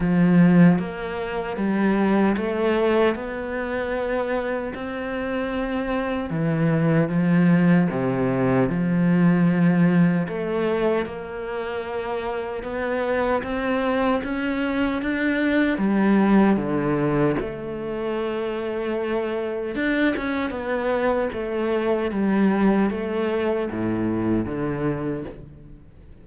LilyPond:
\new Staff \with { instrumentName = "cello" } { \time 4/4 \tempo 4 = 76 f4 ais4 g4 a4 | b2 c'2 | e4 f4 c4 f4~ | f4 a4 ais2 |
b4 c'4 cis'4 d'4 | g4 d4 a2~ | a4 d'8 cis'8 b4 a4 | g4 a4 a,4 d4 | }